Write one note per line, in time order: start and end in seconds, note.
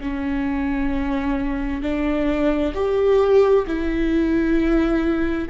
0.00 1.82 C#4
1.82 2.73 D4
2.74 3.65 G4
3.67 5.48 E4